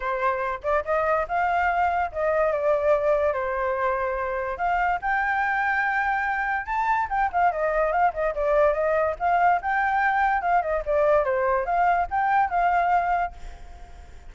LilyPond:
\new Staff \with { instrumentName = "flute" } { \time 4/4 \tempo 4 = 144 c''4. d''8 dis''4 f''4~ | f''4 dis''4 d''2 | c''2. f''4 | g''1 |
a''4 g''8 f''8 dis''4 f''8 dis''8 | d''4 dis''4 f''4 g''4~ | g''4 f''8 dis''8 d''4 c''4 | f''4 g''4 f''2 | }